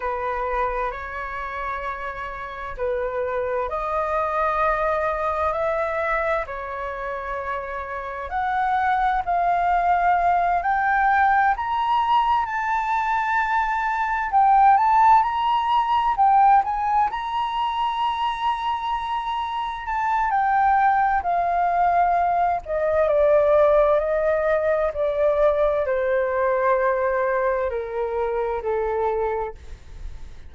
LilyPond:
\new Staff \with { instrumentName = "flute" } { \time 4/4 \tempo 4 = 65 b'4 cis''2 b'4 | dis''2 e''4 cis''4~ | cis''4 fis''4 f''4. g''8~ | g''8 ais''4 a''2 g''8 |
a''8 ais''4 g''8 gis''8 ais''4.~ | ais''4. a''8 g''4 f''4~ | f''8 dis''8 d''4 dis''4 d''4 | c''2 ais'4 a'4 | }